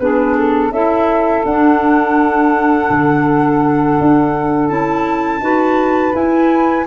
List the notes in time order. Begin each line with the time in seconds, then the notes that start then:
0.00 B3 D4 G#4 B4
0.38 A4
0.71 C#4 E4 A4 E5
1.45 D4 F#5
2.90 D3
4.00 D4
4.69 C#4 E4 A5
5.41 D#4 F#4 B4
6.13 E4 G#5